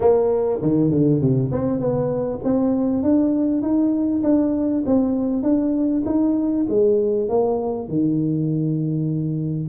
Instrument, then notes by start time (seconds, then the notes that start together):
tuba
0.00 A#3
0.61 D#3
0.90 D3
1.20 C3
1.51 C4
1.79 B3
2.43 C4
3.02 D4
3.61 D#4
4.23 D4
4.85 C4
5.42 D4
6.05 D#4
6.69 G#3
7.28 A#3
7.88 D#3